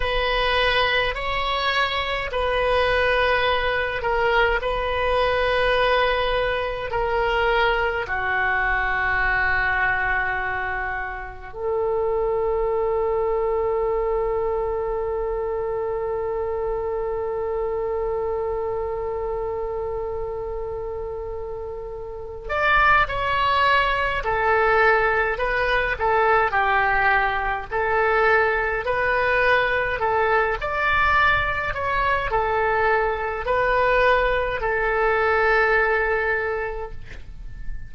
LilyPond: \new Staff \with { instrumentName = "oboe" } { \time 4/4 \tempo 4 = 52 b'4 cis''4 b'4. ais'8 | b'2 ais'4 fis'4~ | fis'2 a'2~ | a'1~ |
a'2.~ a'8 d''8 | cis''4 a'4 b'8 a'8 g'4 | a'4 b'4 a'8 d''4 cis''8 | a'4 b'4 a'2 | }